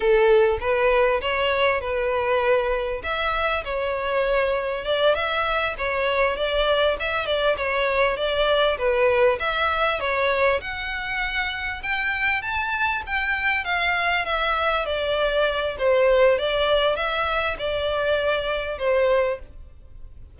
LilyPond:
\new Staff \with { instrumentName = "violin" } { \time 4/4 \tempo 4 = 99 a'4 b'4 cis''4 b'4~ | b'4 e''4 cis''2 | d''8 e''4 cis''4 d''4 e''8 | d''8 cis''4 d''4 b'4 e''8~ |
e''8 cis''4 fis''2 g''8~ | g''8 a''4 g''4 f''4 e''8~ | e''8 d''4. c''4 d''4 | e''4 d''2 c''4 | }